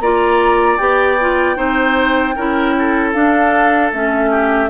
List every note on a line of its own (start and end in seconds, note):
0.00 0.78 A#3
0.00 0.79 F4
0.00 1.57 D5
0.00 0.77 A#5
0.77 1.57 B3
0.77 1.18 G4
0.77 3.11 G5
1.21 1.56 F4
1.56 2.35 C4
1.56 2.34 D#4
1.56 2.35 C5
2.36 3.14 C#4
2.36 3.15 E4
2.36 2.75 A#4
2.79 4.31 A4
3.13 3.92 D4
3.13 3.93 D4
3.13 3.91 F5
3.92 4.69 A3
3.92 4.69 C#4
3.92 4.69 E5
4.31 4.69 G4